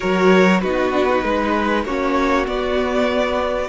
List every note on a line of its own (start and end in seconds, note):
0.00 0.64 F#3
0.00 0.62 F#4
0.00 0.60 A#4
0.00 0.60 C#5
0.60 1.23 B3
0.60 0.92 D#4
0.60 1.24 F#4
0.60 1.84 B4
0.92 1.07 D4
1.07 1.85 D#4
1.23 1.84 G#3
1.23 1.85 B4
1.84 2.46 A#3
1.84 2.46 C#4
1.84 3.69 F#4
1.84 2.46 C#5
2.46 3.69 B3
2.46 3.69 D5